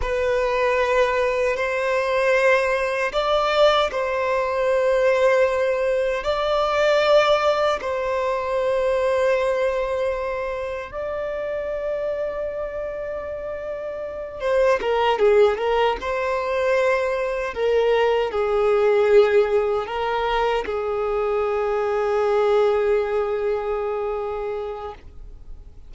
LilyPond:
\new Staff \with { instrumentName = "violin" } { \time 4/4 \tempo 4 = 77 b'2 c''2 | d''4 c''2. | d''2 c''2~ | c''2 d''2~ |
d''2~ d''8 c''8 ais'8 gis'8 | ais'8 c''2 ais'4 gis'8~ | gis'4. ais'4 gis'4.~ | gis'1 | }